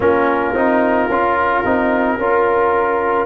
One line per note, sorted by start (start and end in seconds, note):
0.00 0.53 A#3
0.00 0.55 C#4
0.00 2.18 F4
0.00 3.26 A#4
0.53 1.07 C4
0.53 1.09 D#4
1.09 1.63 C#4
1.09 1.64 F4
1.64 2.17 C4
1.64 2.19 D#4
2.17 3.26 C#4
2.17 3.26 F4
2.17 3.26 A#4